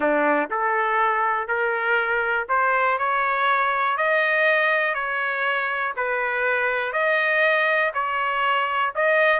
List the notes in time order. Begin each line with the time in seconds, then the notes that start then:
0.00 D4
0.50 A4
1.47 A#4
2.49 C5
2.98 C#5
3.97 D#5
4.94 C#5
5.96 B4
6.93 D#5
7.93 C#5
8.95 D#5